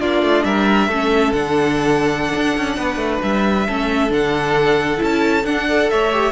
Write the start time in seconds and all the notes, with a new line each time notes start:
0.00 A#3 D4 F4 D5
0.22 A3
0.44 G3 A#4 E5
0.88 A3 C#4 A4
1.33 D3 D4 F#5
2.36 D4
2.57 C#4
2.77 B3 B4
2.96 A3
3.23 G3 E5
3.67 A3 C#4 A4
4.10 D3 D4 F#5
4.97 C#4 E4
5.04 A5
5.44 D4 F#5
5.66 A4 D5
5.90 A3 C#5 E5
6.12 G4